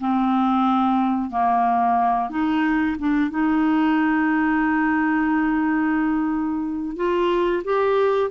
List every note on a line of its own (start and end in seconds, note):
0.00 1.31 C4
1.31 2.30 A#3
2.30 2.97 D#4
2.99 3.31 D4
3.31 6.97 D#4
6.97 7.63 F4
7.65 8.31 G4